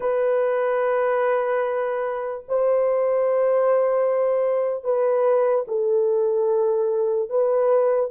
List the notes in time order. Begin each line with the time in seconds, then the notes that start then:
0.00 B4
2.48 C5
4.84 B4
5.67 A4
7.29 B4